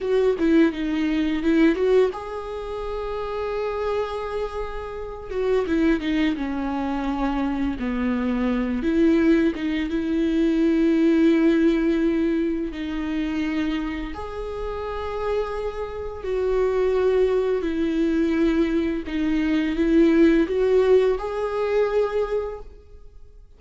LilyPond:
\new Staff \with { instrumentName = "viola" } { \time 4/4 \tempo 4 = 85 fis'8 e'8 dis'4 e'8 fis'8 gis'4~ | gis'2.~ gis'8 fis'8 | e'8 dis'8 cis'2 b4~ | b8 e'4 dis'8 e'2~ |
e'2 dis'2 | gis'2. fis'4~ | fis'4 e'2 dis'4 | e'4 fis'4 gis'2 | }